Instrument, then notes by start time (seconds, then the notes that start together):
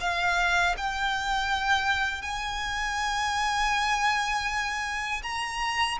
violin
0.00 F5
0.77 G5
2.22 G#5
5.23 A#5